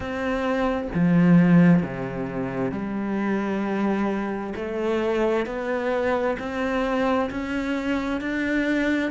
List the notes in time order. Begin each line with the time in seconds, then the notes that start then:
0.00 C4
0.94 F3
1.83 C3
2.71 G3
4.55 A3
5.45 B3
6.39 C4
7.30 C#4
8.20 D4